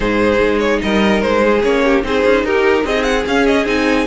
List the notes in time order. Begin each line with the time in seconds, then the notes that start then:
0.00 G#2 D#4 G#4 C5
0.40 G#3
0.59 C#5
0.82 G3 A#4 D#5
1.21 G#3 C5
1.44 G#4
1.63 A#3 C#4 C#5
1.84 G4
2.02 C4 D#4 G#4 C5
2.25 C#4
2.44 D#4 G4 A#4
2.84 C4 G#4 D#5
3.03 F#5
3.26 C#4 F5
3.46 D#5
3.65 C4 D#4 G#5